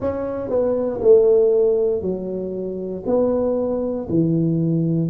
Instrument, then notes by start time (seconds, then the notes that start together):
tuba
0.00 C#4
0.49 B3
1.00 A3
2.01 F#3
3.06 B3
4.09 E3